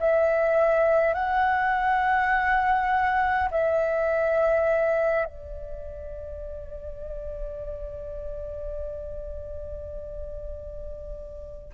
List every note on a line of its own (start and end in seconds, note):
0.00 1.14 E5
1.14 3.49 F#5
3.51 5.25 E5
5.25 11.72 D5